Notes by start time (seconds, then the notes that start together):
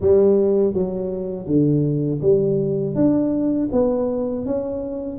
0.00 G3
0.73 F#3
1.46 D3
2.21 G3
2.95 D4
3.72 B3
4.45 C#4